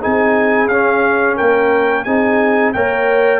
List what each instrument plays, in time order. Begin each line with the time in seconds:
0.00 tuba C4, trombone D#4, horn G#4, trumpet G#5
0.68 tuba C#4, trombone C#4, trumpet F5
1.36 tuba A#3, horn A#4, trumpet G5
2.04 tuba C4, trombone D#4, horn G#4, trumpet G#5
2.73 tuba A#3, trombone A#4, horn C#5, trumpet G5